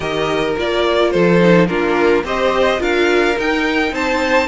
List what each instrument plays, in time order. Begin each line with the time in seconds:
0.00 cello D#3, viola G4, violin A#4 D#5
0.56 cello A#3, viola F4, violin D5
1.11 cello F3, violin A4 C5
1.41 viola D#4
1.67 cello A#3, viola D4, violin F4 A#4
2.23 cello C4, viola G4, violin C5 D#5
2.78 cello D4, viola F4, violin A#4 F5
3.36 viola D#4, cello D#4, violin G5
3.91 cello C4, violin C5 A5